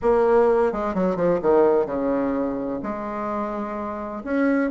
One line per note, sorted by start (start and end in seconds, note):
0.02 0.72 A#3
0.72 0.94 G#3
0.94 1.16 F#3
1.16 1.39 F3
1.42 1.86 D#3
1.86 2.80 C#3
2.82 4.23 G#3
4.24 4.70 C#4